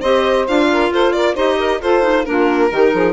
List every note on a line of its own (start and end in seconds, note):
0.00 0.47 C4
0.00 0.48 G4
0.00 0.67 C5
0.00 0.46 D#5
0.48 0.90 D4
0.48 1.36 F4
0.48 0.93 F5
0.72 0.93 A#4
0.90 1.35 F4
0.90 1.15 A4
0.90 1.12 C5
1.12 1.35 A#4
1.12 1.35 D5
1.35 1.80 D#4
1.35 1.80 G4
1.35 1.57 C5
1.35 1.81 D#5
1.58 1.81 A#4
1.80 2.25 F4
1.80 2.02 F4
1.80 2.26 A4
1.80 2.25 C5
2.02 2.24 D#4
2.25 2.71 A#3
2.25 2.70 D4
2.25 2.71 F4
2.25 3.13 A#4
2.71 2.93 D#3
2.71 3.13 D#4
2.71 2.93 G4
2.94 3.13 F3
2.94 3.13 G#4